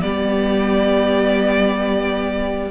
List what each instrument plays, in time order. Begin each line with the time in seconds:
0.00 cello G3, viola B3, violin G4 D5